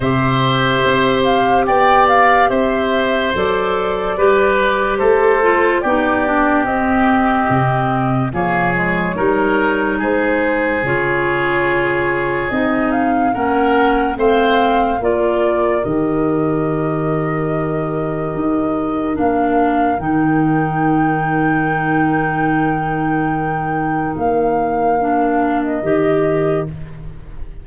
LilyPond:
<<
  \new Staff \with { instrumentName = "flute" } { \time 4/4 \tempo 4 = 72 e''4. f''8 g''8 f''8 e''4 | d''2 c''4 d''4 | dis''2 cis''2 | c''4 cis''2 dis''8 f''8 |
fis''4 f''4 d''4 dis''4~ | dis''2. f''4 | g''1~ | g''4 f''4.~ f''16 dis''4~ dis''16 | }
  \new Staff \with { instrumentName = "oboe" } { \time 4/4 c''2 d''4 c''4~ | c''4 b'4 a'4 g'4~ | g'2 gis'4 ais'4 | gis'1 |
ais'4 c''4 ais'2~ | ais'1~ | ais'1~ | ais'1 | }
  \new Staff \with { instrumentName = "clarinet" } { \time 4/4 g'1 | a'4 g'4. f'8 dis'8 d'8 | c'2 ais8 gis8 dis'4~ | dis'4 f'2 dis'4 |
cis'4 c'4 f'4 g'4~ | g'2. d'4 | dis'1~ | dis'2 d'4 g'4 | }
  \new Staff \with { instrumentName = "tuba" } { \time 4/4 c4 c'4 b4 c'4 | fis4 g4 a4 b4 | c'4 c4 f4 g4 | gis4 cis2 c'4 |
ais4 a4 ais4 dis4~ | dis2 dis'4 ais4 | dis1~ | dis4 ais2 dis4 | }
>>